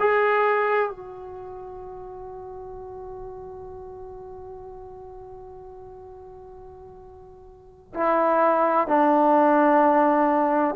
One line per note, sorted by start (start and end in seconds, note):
0.00 0.90 G#4
0.90 7.93 F#4
7.94 8.88 E4
8.88 10.76 D4